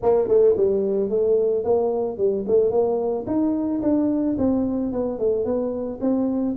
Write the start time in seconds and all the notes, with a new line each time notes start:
0.02 A#3
0.28 A3
0.56 G3
1.09 A3
1.64 A#3
2.17 G3
2.47 A3
2.70 A#3
3.26 D#4
3.82 D4
4.38 C4
4.92 B3
5.18 A3
5.44 B3
6.00 C4